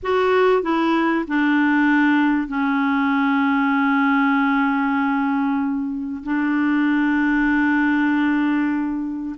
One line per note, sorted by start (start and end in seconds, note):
0.02 0.62 F#4
0.62 1.25 E4
1.27 2.47 D4
2.47 6.22 C#4
6.23 9.36 D4